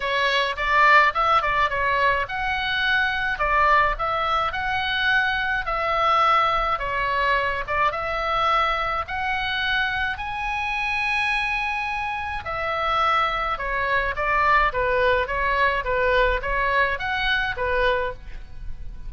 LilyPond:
\new Staff \with { instrumentName = "oboe" } { \time 4/4 \tempo 4 = 106 cis''4 d''4 e''8 d''8 cis''4 | fis''2 d''4 e''4 | fis''2 e''2 | cis''4. d''8 e''2 |
fis''2 gis''2~ | gis''2 e''2 | cis''4 d''4 b'4 cis''4 | b'4 cis''4 fis''4 b'4 | }